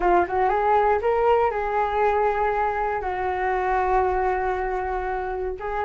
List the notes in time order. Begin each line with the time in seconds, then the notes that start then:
0.00 F4
0.27 F#4
0.49 G#4
1.01 A#4
1.50 G#4
3.01 F#4
5.59 G#4